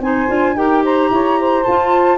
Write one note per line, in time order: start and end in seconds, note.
0.00 0.27 C4
0.00 0.28 D#4
0.00 0.56 C5
0.00 0.56 G#5
0.28 0.55 D4
0.28 0.55 F4
0.55 1.09 D#4
0.55 1.65 G4
0.55 0.83 A#4
0.55 0.84 G5
0.83 1.10 C5
0.83 1.63 A#5
1.10 1.65 E4
1.10 1.39 C#5
1.39 2.18 C5
1.63 2.18 F4
1.63 2.18 A5